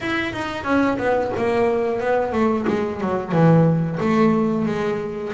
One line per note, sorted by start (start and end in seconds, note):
0.00 0.33 E4
0.33 0.64 D#4
0.64 0.97 C#4
0.98 1.31 B3
1.36 1.99 A#3
1.99 2.32 B3
2.32 2.65 A3
2.67 3.00 G#3
3.00 3.32 F#3
3.32 3.98 E3
4.00 4.65 A3
4.65 5.32 G#3